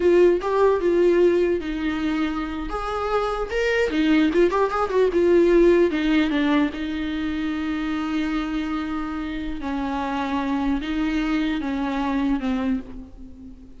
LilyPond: \new Staff \with { instrumentName = "viola" } { \time 4/4 \tempo 4 = 150 f'4 g'4 f'2 | dis'2~ dis'8. gis'4~ gis'16~ | gis'8. ais'4 dis'4 f'8 g'8 gis'16~ | gis'16 fis'8 f'2 dis'4 d'16~ |
d'8. dis'2.~ dis'16~ | dis'1 | cis'2. dis'4~ | dis'4 cis'2 c'4 | }